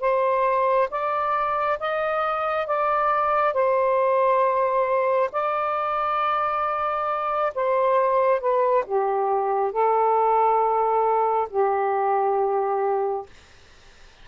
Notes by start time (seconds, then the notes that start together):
0.00 C5
0.90 D5
1.79 D#5
2.66 D5
3.53 C5
5.32 D5
7.54 C5
8.40 B4
8.86 G4
9.72 A4
11.49 G4